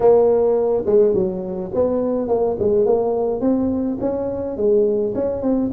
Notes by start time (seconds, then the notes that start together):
0.00 A#3
0.86 G#3
1.14 F#3
1.74 B3
2.28 A#3
2.59 G#3
2.85 A#3
3.41 C4
4.00 C#4
4.57 G#3
5.15 C#4
5.41 C4